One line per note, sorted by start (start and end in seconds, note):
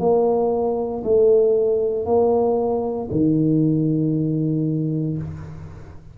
0.00 1.03 A#3
1.04 2.06 A3
2.06 3.09 A#3
3.11 5.18 D#3